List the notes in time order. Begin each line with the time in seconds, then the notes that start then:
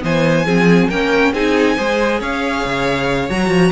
0.00 E3 B3 C5 G#5
0.45 F3 C4 G#4
0.88 A#3 C#4 A#4 G5
1.33 C4 D#4 G#4 G#5
1.76 G#3 G#4 C5
2.20 C#4 C#5 F5
2.64 C#3
3.30 F#3 F#4 A#5
3.48 F3